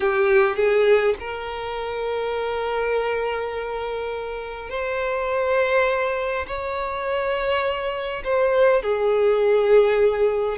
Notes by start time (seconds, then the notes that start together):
0.00 G4
0.56 G#4
1.19 A#4
4.69 C5
6.46 C#5
8.24 C5
8.82 G#4